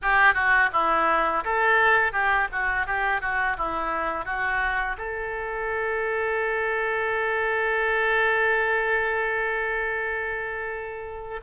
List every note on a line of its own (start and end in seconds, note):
0.02 0.34 G4
0.34 0.69 F#4
0.72 1.44 E4
1.44 2.12 A4
2.12 2.48 G4
2.52 2.86 F#4
2.86 3.21 G4
3.21 3.56 F#4
3.57 4.25 E4
4.25 4.96 F#4
4.97 11.40 A4